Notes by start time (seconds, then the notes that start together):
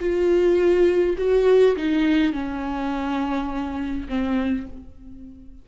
0.00 F4
1.18 F#4
1.76 D#4
2.33 C#4
4.09 C4